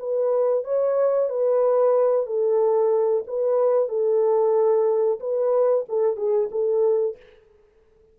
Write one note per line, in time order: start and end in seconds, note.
0.00 0.65 B4
0.65 1.30 C#5
1.30 2.26 B4
2.26 3.24 A4
3.28 3.89 B4
3.89 5.20 A4
5.20 5.85 B4
5.89 6.17 A4
6.17 6.50 G#4
6.52 7.17 A4